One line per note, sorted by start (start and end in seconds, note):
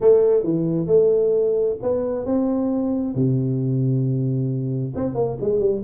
0.00 0.43 A3
0.43 0.86 E3
0.86 1.76 A3
1.82 2.25 B3
2.25 3.14 C4
3.14 4.94 C3
4.95 5.15 C4
5.15 5.37 A#3
5.40 5.59 G#3
5.59 5.81 G3